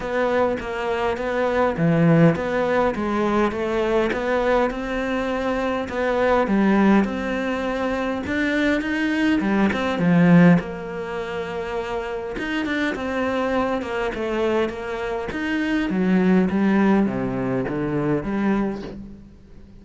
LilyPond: \new Staff \with { instrumentName = "cello" } { \time 4/4 \tempo 4 = 102 b4 ais4 b4 e4 | b4 gis4 a4 b4 | c'2 b4 g4 | c'2 d'4 dis'4 |
g8 c'8 f4 ais2~ | ais4 dis'8 d'8 c'4. ais8 | a4 ais4 dis'4 fis4 | g4 c4 d4 g4 | }